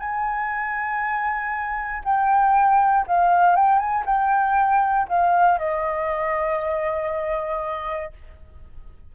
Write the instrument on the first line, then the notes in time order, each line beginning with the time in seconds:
flute
0.00 G#5
2.04 G5
3.07 F5
3.56 G5
3.79 G#5
4.06 G5
5.09 F5
5.59 D#5